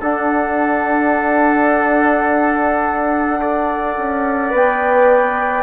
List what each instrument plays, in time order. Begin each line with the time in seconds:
0.00 bassoon D4, trombone D4, trumpet A4, flute F#5
3.40 trombone A4, trumpet D5
3.97 bassoon C#4
4.50 bassoon B3, trombone B4, flute G5